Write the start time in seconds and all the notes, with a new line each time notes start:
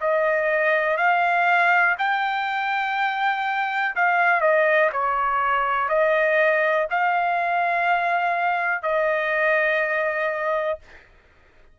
0.00 D#5
0.97 F5
1.98 G5
3.95 F5
4.40 D#5
4.92 C#5
5.88 D#5
6.90 F5
8.82 D#5